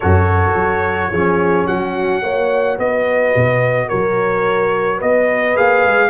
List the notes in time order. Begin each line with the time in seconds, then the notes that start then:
0.00 F#2 F#4 A4 C#5
0.55 F#3
1.11 F3 C#4 G#4
1.66 F#3 F#4 F#5
2.22 A#3 F#4 C#5
2.78 B3 B4 D#5
3.35 B2
3.87 F#3 A#4 C#5
4.96 B3 B4 D#5
5.55 A#3 G#4 F5
5.84 G#3